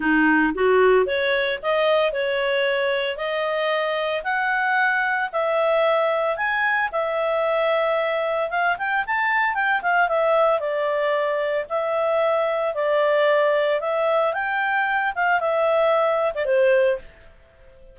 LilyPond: \new Staff \with { instrumentName = "clarinet" } { \time 4/4 \tempo 4 = 113 dis'4 fis'4 cis''4 dis''4 | cis''2 dis''2 | fis''2 e''2 | gis''4 e''2. |
f''8 g''8 a''4 g''8 f''8 e''4 | d''2 e''2 | d''2 e''4 g''4~ | g''8 f''8 e''4.~ e''16 d''16 c''4 | }